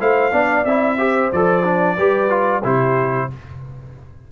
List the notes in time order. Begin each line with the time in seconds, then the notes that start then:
0.00 A3 E4 C5 F5
0.32 B3 D4 D5
0.65 C4 E4 E5
0.99 G4 C5
1.33 F3 A4 D5
1.65 D4
1.97 G3 G4 B4
2.30 F4
2.62 C3 E4 G4 C5